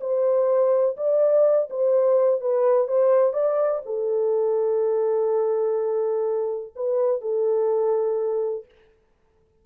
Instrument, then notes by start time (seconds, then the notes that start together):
horn
0.00 C5
0.96 D5
1.70 C5
2.40 B4
2.87 C5
3.33 D5
3.85 A4
6.75 B4
7.21 A4